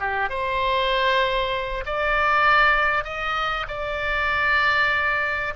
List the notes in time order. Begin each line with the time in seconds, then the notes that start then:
0.00 G4
0.30 C5
1.86 D5
3.04 D#5
3.68 D5